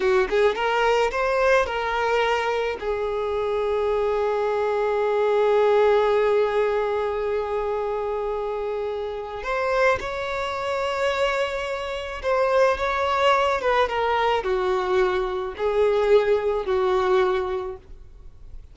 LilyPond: \new Staff \with { instrumentName = "violin" } { \time 4/4 \tempo 4 = 108 fis'8 gis'8 ais'4 c''4 ais'4~ | ais'4 gis'2.~ | gis'1~ | gis'1~ |
gis'4 c''4 cis''2~ | cis''2 c''4 cis''4~ | cis''8 b'8 ais'4 fis'2 | gis'2 fis'2 | }